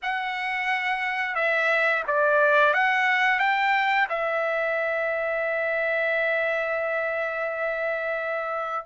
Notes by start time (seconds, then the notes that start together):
0.02 F#5
1.35 E5
2.07 D5
2.73 F#5
3.39 G5
4.09 E5